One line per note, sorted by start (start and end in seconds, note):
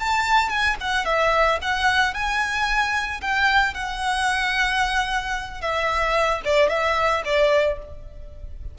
0.00 0.50 A5
0.50 0.76 G#5
0.81 1.05 F#5
1.05 1.59 E5
1.62 2.14 F#5
2.14 3.21 G#5
3.22 3.74 G5
3.74 5.62 F#5
5.62 6.42 E5
6.45 6.70 D5
6.70 7.23 E5
7.25 7.78 D5